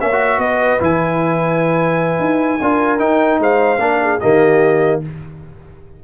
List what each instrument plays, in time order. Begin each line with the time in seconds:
0.00 tuba A#3, trombone C#4, horn C#5, trumpet E5
0.12 trombone F#4
0.38 tuba B3, horn B4, trumpet D#5
0.80 tuba E3, trombone E4, trumpet G#5
2.19 tuba D#4
2.61 tuba D4, trombone F4, horn A#4
2.99 trombone D#4, tuba D#4, trumpet G5
3.39 tuba G#3, horn C5, trumpet F5
3.79 tuba A#3, trombone D4, horn A#4
4.01 horn G#4
4.20 tuba D#3, trombone A#3, horn G4, trumpet D#5